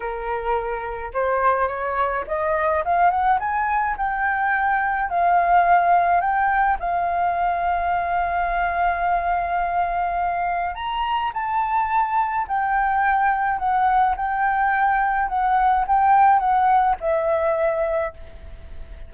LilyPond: \new Staff \with { instrumentName = "flute" } { \time 4/4 \tempo 4 = 106 ais'2 c''4 cis''4 | dis''4 f''8 fis''8 gis''4 g''4~ | g''4 f''2 g''4 | f''1~ |
f''2. ais''4 | a''2 g''2 | fis''4 g''2 fis''4 | g''4 fis''4 e''2 | }